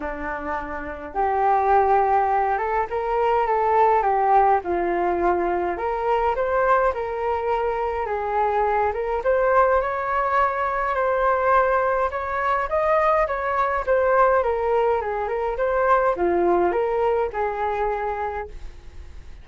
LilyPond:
\new Staff \with { instrumentName = "flute" } { \time 4/4 \tempo 4 = 104 d'2 g'2~ | g'8 a'8 ais'4 a'4 g'4 | f'2 ais'4 c''4 | ais'2 gis'4. ais'8 |
c''4 cis''2 c''4~ | c''4 cis''4 dis''4 cis''4 | c''4 ais'4 gis'8 ais'8 c''4 | f'4 ais'4 gis'2 | }